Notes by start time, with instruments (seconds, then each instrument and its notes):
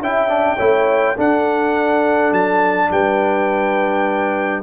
0.00 tuba C#4, trombone E4, horn E5, trumpet G5
0.28 trombone D4
0.57 tuba A3, trombone E4, horn C#5
1.16 trombone D4, tuba D4, horn A4, trumpet F#5
2.32 tuba F#3, trumpet A5
2.91 tuba G3, horn B4, trumpet G5